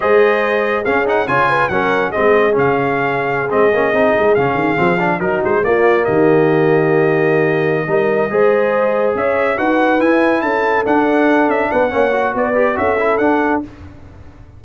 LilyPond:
<<
  \new Staff \with { instrumentName = "trumpet" } { \time 4/4 \tempo 4 = 141 dis''2 f''8 fis''8 gis''4 | fis''4 dis''4 f''2~ | f''16 dis''2 f''4.~ f''16~ | f''16 ais'8 c''8 d''4 dis''4.~ dis''16~ |
dis''1~ | dis''4. e''4 fis''4 gis''8~ | gis''8 a''4 fis''4. e''8 fis''8~ | fis''4 d''4 e''4 fis''4 | }
  \new Staff \with { instrumentName = "horn" } { \time 4/4 c''2 gis'4 cis''8 b'8 | ais'4 gis'2.~ | gis'1~ | gis'16 fis'4 f'4 g'4.~ g'16~ |
g'2~ g'8 ais'4 c''8~ | c''4. cis''4 b'4.~ | b'8 a'2. b'8 | cis''4 b'4 a'2 | }
  \new Staff \with { instrumentName = "trombone" } { \time 4/4 gis'2 cis'8 dis'8 f'4 | cis'4 c'4 cis'2~ | cis'16 c'8 cis'8 dis'4 cis'4 c'8 d'16~ | d'16 dis'4 ais2~ ais8.~ |
ais2~ ais8 dis'4 gis'8~ | gis'2~ gis'8 fis'4 e'8~ | e'4. d'2~ d'8 | cis'8 fis'4 g'8 fis'8 e'8 d'4 | }
  \new Staff \with { instrumentName = "tuba" } { \time 4/4 gis2 cis'4 cis4 | fis4 gis4 cis2~ | cis16 gis8 ais8 c'8 gis8 cis8 dis8 f8.~ | f16 fis8 gis8 ais4 dis4.~ dis16~ |
dis2~ dis8 g4 gis8~ | gis4. cis'4 dis'4 e'8~ | e'8 cis'4 d'4. cis'8 b8 | ais4 b4 cis'4 d'4 | }
>>